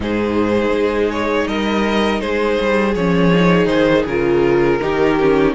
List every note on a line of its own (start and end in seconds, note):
0.00 0.70 G#2
0.00 2.94 D#4
0.00 1.48 G#4
0.00 1.10 C5
0.70 1.44 G#3
1.10 1.47 C#5
1.47 2.21 G3
1.47 2.21 A#4
1.47 2.20 D#5
2.20 2.59 G#3
2.20 4.80 G#4
2.20 2.94 C5
2.60 2.95 G3
2.95 3.66 F3
2.95 3.33 C#4
2.95 3.66 C#5
3.33 4.08 D#4
3.66 4.03 D#3
3.66 4.03 C5
4.06 4.80 C#3
4.06 4.80 F4
4.06 5.54 A#4
4.80 5.54 D#3
4.80 5.17 D#4
4.80 5.54 G4
5.20 5.54 C#4